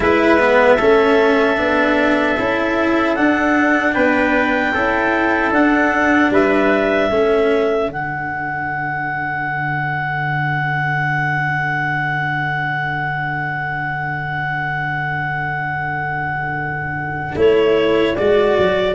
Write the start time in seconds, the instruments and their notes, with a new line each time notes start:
0.00 tuba G#3, cello E4, trumpet B4, clarinet E5
0.39 cello B3
0.76 tuba A3, cello C#4, trumpet A4
1.57 tuba B3, cello D4
2.38 tuba C#4, cello E4
3.15 cello D4, tuba D4, clarinet F#5
3.92 tuba B3, trumpet B4, clarinet G5
4.73 tuba C#4, cello E4, trumpet A4
5.51 tuba D4, cello D4, clarinet F#5
6.30 tuba G3, trumpet B4, clarinet E5
7.10 tuba A3, cello C#4, trumpet A4
7.87 tuba D3, cello D4, clarinet F#5
17.35 tuba A3, cello E4, clarinet C#5
18.16 tuba G#3, cello F#4, clarinet D5
18.58 tuba F#3